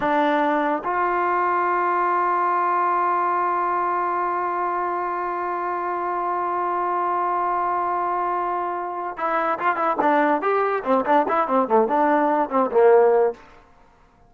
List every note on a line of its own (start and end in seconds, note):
0.00 0.82 D4
0.84 9.17 F4
9.17 9.58 E4
9.59 9.76 F4
9.76 9.97 E4
10.01 10.41 D4
10.41 10.83 G4
10.84 11.05 C4
11.05 11.26 D4
11.28 11.47 E4
11.47 11.68 C4
11.68 11.87 A3
11.87 12.49 D4
12.49 12.70 C4
12.71 13.33 A#3